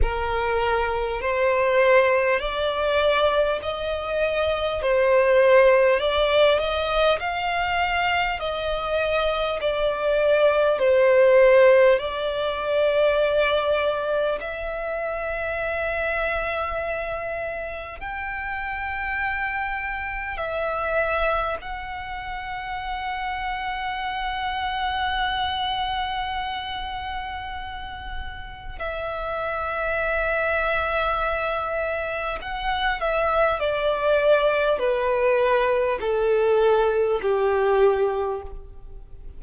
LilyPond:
\new Staff \with { instrumentName = "violin" } { \time 4/4 \tempo 4 = 50 ais'4 c''4 d''4 dis''4 | c''4 d''8 dis''8 f''4 dis''4 | d''4 c''4 d''2 | e''2. g''4~ |
g''4 e''4 fis''2~ | fis''1 | e''2. fis''8 e''8 | d''4 b'4 a'4 g'4 | }